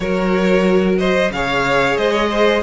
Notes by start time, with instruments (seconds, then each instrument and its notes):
0.00 cello F#3, viola F#4, violin A#4 C#5
0.98 violin C5 D#5
1.30 cello C#3, viola G#4, violin C#5 F5
1.97 cello G#3, violin C5 D#5
2.10 violin C#5
2.30 violin C5